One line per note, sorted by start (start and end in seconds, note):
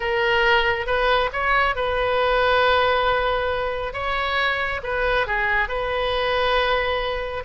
0.00 0.86 A#4
0.86 1.30 B4
1.32 1.75 C#5
1.75 3.93 B4
3.93 4.80 C#5
4.83 5.26 B4
5.26 5.68 G#4
5.68 7.43 B4